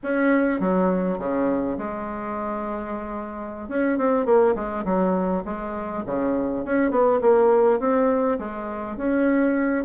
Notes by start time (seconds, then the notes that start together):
0.03 C#4
0.60 F#3
1.18 C#3
1.78 G#3
3.68 C#4
3.97 C4
4.25 A#3
4.55 G#3
4.84 F#3
5.44 G#3
6.06 C#3
6.64 C#4
6.90 B3
7.21 A#3
7.79 C4
8.39 G#3
8.97 C#4